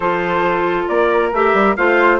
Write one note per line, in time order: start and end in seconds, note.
0.00 0.87 F3
0.00 1.33 F4
0.00 0.88 A4
0.00 0.86 C5
0.88 1.32 A#3
0.88 1.76 A#4
0.88 1.32 D5
1.32 1.53 A3
1.32 1.77 G4
1.32 1.76 E5
1.53 1.75 G3
1.76 2.20 A3
1.76 2.20 F4
1.76 2.20 C5
1.76 2.20 F5